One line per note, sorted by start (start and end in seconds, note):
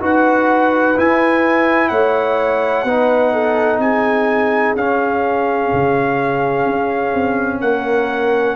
0.00 0.96 D#4
0.00 0.95 F#4
0.00 1.90 B4
0.00 0.99 F#5
0.96 2.86 E4
0.96 1.90 E4
0.96 1.88 G#5
1.88 2.84 A3
1.88 2.85 C#5
1.88 3.79 F#5
2.84 3.78 B3
2.84 4.77 D#4
2.84 3.33 B4
3.33 3.81 A4
3.78 4.73 C4
3.78 7.62 G#4
3.78 4.75 G#5
4.76 5.71 C#4
4.76 8.56 C#4
4.76 7.61 F5
5.73 6.66 C#3
6.66 7.13 C#4
7.13 7.61 C4
7.61 8.56 A#3
7.61 8.56 A#4
7.61 8.56 F#5